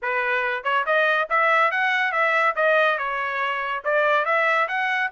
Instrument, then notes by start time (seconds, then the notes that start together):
trumpet
0.01 B4
0.63 C#5
0.85 D#5
1.29 E5
1.71 F#5
2.12 E5
2.55 D#5
2.98 C#5
3.84 D5
4.25 E5
4.68 F#5